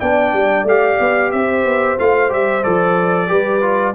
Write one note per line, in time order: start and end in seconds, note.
0.00 0.33 B3
0.00 0.68 D4
0.00 1.32 D5
0.00 0.66 G5
0.33 0.64 G3
0.64 0.97 A3
0.64 1.99 G4
0.64 1.32 F5
1.00 1.33 B3
1.32 1.65 C4
1.32 3.30 C5
1.32 1.98 E5
1.65 1.98 B3
1.99 2.32 A3
1.99 2.30 F4
1.99 2.32 F5
2.30 2.65 G3
2.30 2.62 G4
2.30 2.64 E5
2.63 3.31 F3
2.63 3.28 A4
2.63 3.95 D5
3.28 3.95 G3
3.28 3.61 G4
3.28 3.95 B4
3.62 3.95 F4